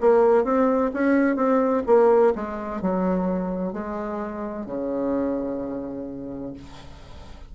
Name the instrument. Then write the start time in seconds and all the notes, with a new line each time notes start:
bassoon
0.00 A#3
0.44 C4
0.93 C#4
1.36 C4
1.86 A#3
2.35 G#3
2.81 F#3
3.73 G#3
4.66 C#3